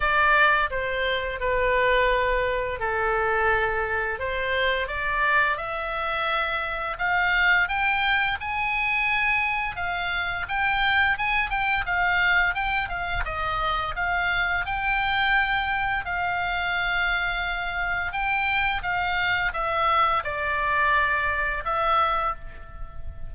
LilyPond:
\new Staff \with { instrumentName = "oboe" } { \time 4/4 \tempo 4 = 86 d''4 c''4 b'2 | a'2 c''4 d''4 | e''2 f''4 g''4 | gis''2 f''4 g''4 |
gis''8 g''8 f''4 g''8 f''8 dis''4 | f''4 g''2 f''4~ | f''2 g''4 f''4 | e''4 d''2 e''4 | }